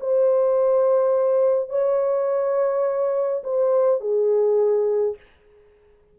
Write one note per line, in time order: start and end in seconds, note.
0.00 1.70 C5
1.70 3.43 C#5
3.43 4.00 C5
4.00 5.16 G#4